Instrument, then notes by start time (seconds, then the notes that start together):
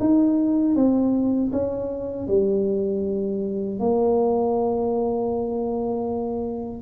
tuba
0.00 D#4
0.75 C4
1.52 C#4
2.28 G3
3.79 A#3